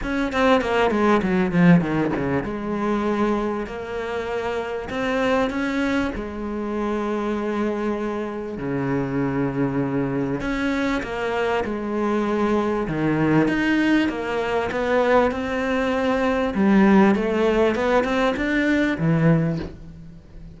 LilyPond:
\new Staff \with { instrumentName = "cello" } { \time 4/4 \tempo 4 = 98 cis'8 c'8 ais8 gis8 fis8 f8 dis8 cis8 | gis2 ais2 | c'4 cis'4 gis2~ | gis2 cis2~ |
cis4 cis'4 ais4 gis4~ | gis4 dis4 dis'4 ais4 | b4 c'2 g4 | a4 b8 c'8 d'4 e4 | }